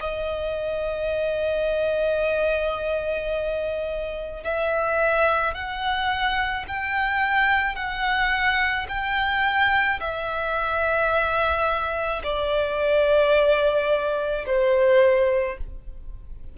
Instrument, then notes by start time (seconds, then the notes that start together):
violin
0.00 D#5
4.44 E5
5.54 F#5
6.68 G5
7.76 F#5
8.89 G5
10.00 E5
12.23 D5
14.46 C5